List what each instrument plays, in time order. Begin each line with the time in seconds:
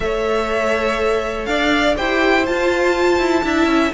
0.00 cello A3, viola A4, violin C#5 E5
1.45 cello D4, violin D5 F5
1.95 cello E4, viola G4, violin C5 G5
2.45 viola F4, cello F4, violin A5
3.18 cello E4
3.42 cello D4, viola E4, violin E5
3.66 cello C#4